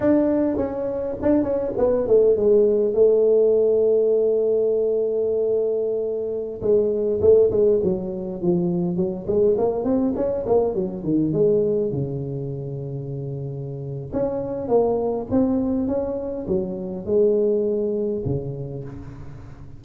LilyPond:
\new Staff \with { instrumentName = "tuba" } { \time 4/4 \tempo 4 = 102 d'4 cis'4 d'8 cis'8 b8 a8 | gis4 a2.~ | a2.~ a16 gis8.~ | gis16 a8 gis8 fis4 f4 fis8 gis16~ |
gis16 ais8 c'8 cis'8 ais8 fis8 dis8 gis8.~ | gis16 cis2.~ cis8. | cis'4 ais4 c'4 cis'4 | fis4 gis2 cis4 | }